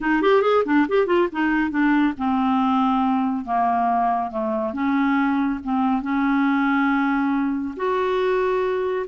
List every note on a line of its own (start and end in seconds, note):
0.00 0.22 D#4
0.22 0.42 G4
0.42 0.63 G#4
0.65 0.86 D4
0.88 1.06 G4
1.06 1.27 F4
1.32 1.70 D#4
1.70 2.13 D4
2.17 3.44 C4
3.44 4.30 A#3
4.30 4.73 A3
4.73 5.59 C#4
5.63 6.02 C4
6.02 7.74 C#4
7.76 9.06 F#4